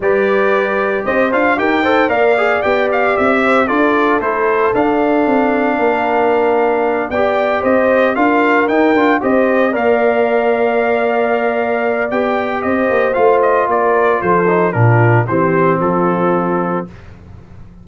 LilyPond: <<
  \new Staff \with { instrumentName = "trumpet" } { \time 4/4 \tempo 4 = 114 d''2 dis''8 f''8 g''4 | f''4 g''8 f''8 e''4 d''4 | c''4 f''2.~ | f''4. g''4 dis''4 f''8~ |
f''8 g''4 dis''4 f''4.~ | f''2. g''4 | dis''4 f''8 dis''8 d''4 c''4 | ais'4 c''4 a'2 | }
  \new Staff \with { instrumentName = "horn" } { \time 4/4 b'2 c''4 ais'8 c''8 | d''2~ d''8 c''8 a'4~ | a'2. ais'4~ | ais'4. d''4 c''4 ais'8~ |
ais'4. c''4 d''4.~ | d''1 | c''2 ais'4 a'4 | f'4 g'4 f'2 | }
  \new Staff \with { instrumentName = "trombone" } { \time 4/4 g'2~ g'8 f'8 g'8 a'8 | ais'8 gis'8 g'2 f'4 | e'4 d'2.~ | d'4. g'2 f'8~ |
f'8 dis'8 f'8 g'4 ais'4.~ | ais'2. g'4~ | g'4 f'2~ f'8 dis'8 | d'4 c'2. | }
  \new Staff \with { instrumentName = "tuba" } { \time 4/4 g2 c'8 d'8 dis'4 | ais4 b4 c'4 d'4 | a4 d'4 c'4 ais4~ | ais4. b4 c'4 d'8~ |
d'8 dis'8 d'8 c'4 ais4.~ | ais2. b4 | c'8 ais8 a4 ais4 f4 | ais,4 e4 f2 | }
>>